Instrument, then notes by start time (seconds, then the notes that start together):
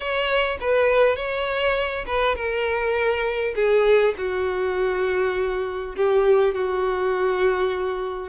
violin
0.00 C#5
0.60 B4
1.16 C#5
2.06 B4
2.35 A#4
3.55 G#4
4.17 F#4
5.96 G4
6.54 F#4